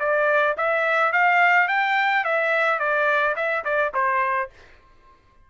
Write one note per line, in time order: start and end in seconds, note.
0.00 0.56 D5
0.57 1.13 E5
1.13 1.68 F5
1.68 2.25 G5
2.25 2.80 E5
2.80 3.35 D5
3.36 3.64 E5
3.64 3.93 D5
3.94 4.50 C5